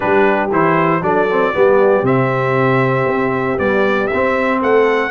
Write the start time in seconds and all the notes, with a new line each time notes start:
0.00 G3 D4 G4 B4
0.51 E3 E4 C5
1.01 F#3 D4 A4 D5
1.30 C4
1.53 G3 B3 G4
2.02 C3 C4 E5
3.06 C4
3.58 G3 B3 D5
4.07 E5
4.13 C4
4.61 A3 A4 F#5